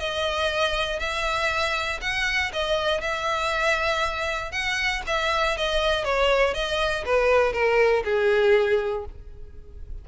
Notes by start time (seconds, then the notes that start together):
0.00 D#5
1.00 E5
2.02 F#5
2.53 D#5
3.01 E5
4.52 F#5
5.07 E5
5.57 D#5
6.05 C#5
6.55 D#5
7.06 B4
7.53 A#4
8.05 G#4